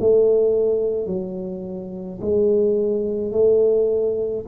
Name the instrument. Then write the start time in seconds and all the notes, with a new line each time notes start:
tuba
0.00 A3
1.07 F#3
2.22 G#3
3.32 A3